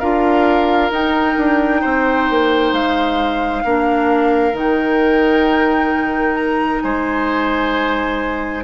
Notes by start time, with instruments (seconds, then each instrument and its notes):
0.00 bassoon D4, clarinet F4, oboe A#4, flute F5
0.91 bassoon D#4, clarinet D#4, flute G5
1.38 bassoon D4
1.81 bassoon C4, oboe C5
2.30 bassoon A#3
2.73 bassoon G#3, flute F5
3.65 bassoon A#3, clarinet D4, oboe A#4
4.53 bassoon D#3, clarinet D#4, flute G5
6.35 flute A#5
6.82 bassoon G#3, oboe C5, flute G#5